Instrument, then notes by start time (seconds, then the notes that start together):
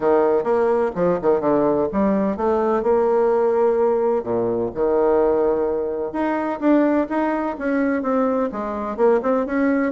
bassoon
0.00 D#3
0.43 A#3
0.95 F3
1.22 D#3
1.40 D3
1.92 G3
2.36 A3
2.82 A#3
4.23 A#2
4.74 D#3
6.12 D#4
6.60 D4
7.09 D#4
7.58 C#4
8.02 C4
8.52 G#3
8.96 A#3
9.22 C4
9.46 C#4